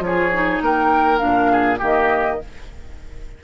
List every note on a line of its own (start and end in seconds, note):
0.00 0.59 F3
0.00 0.30 F4
0.00 0.62 C#5
0.06 0.63 G#4
0.34 1.18 D#4
0.61 1.21 A#3
0.61 1.52 A#4
0.61 1.18 G5
1.18 1.82 A#2
1.18 1.78 D4
1.18 1.78 F5
1.52 1.79 G#4
1.79 2.42 D#3
1.79 2.39 A#3
1.79 2.38 G4
1.79 2.44 D#5